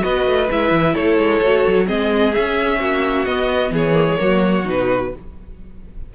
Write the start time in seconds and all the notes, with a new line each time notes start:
0.00 B3 F#4 B4 D#5
0.26 A3
0.51 G#3 E4 E5
0.71 E3
0.94 A3 A4 C#5
1.18 G#3
1.42 A3 F#4
1.68 F#3
1.86 G#3 C4 G#4 D#5
2.34 C#4 E5
2.80 A#3 F#4
3.25 B3 D#5
3.71 E3 G#4 C#5
3.94 A#3
4.08 G#3
4.17 F#3 A#3 F#4
4.64 B2 D#4 B4